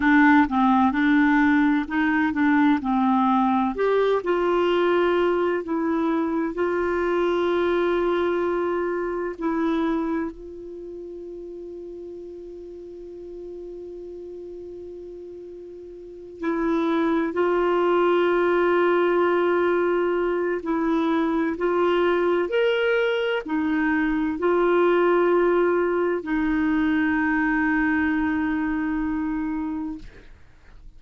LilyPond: \new Staff \with { instrumentName = "clarinet" } { \time 4/4 \tempo 4 = 64 d'8 c'8 d'4 dis'8 d'8 c'4 | g'8 f'4. e'4 f'4~ | f'2 e'4 f'4~ | f'1~ |
f'4. e'4 f'4.~ | f'2 e'4 f'4 | ais'4 dis'4 f'2 | dis'1 | }